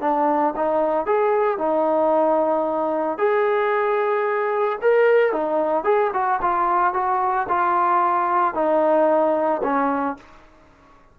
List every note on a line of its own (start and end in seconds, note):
0.00 0.54 D4
0.56 1.06 D#4
1.06 1.58 G#4
1.58 3.18 D#4
3.18 4.78 G#4
4.81 5.32 A#4
5.32 5.84 D#4
5.84 6.11 G#4
6.13 6.40 F#4
6.41 6.94 F4
6.94 7.47 F#4
7.49 8.54 F4
8.54 9.61 D#4
9.63 10.17 C#4